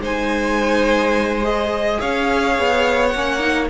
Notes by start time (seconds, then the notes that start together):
0.00 G#3 D#4 C5 G#5
1.42 G#4 D#5
2.00 C#4 C#5 F5
2.58 B3
3.08 F#5
3.15 A#3 C#4
3.39 D#4